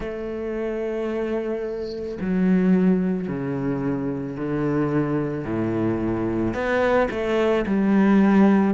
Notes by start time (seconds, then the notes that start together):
0.00 A3
2.21 F#3
3.27 C#3
4.36 D3
5.44 A2
6.54 B3
7.10 A3
7.66 G3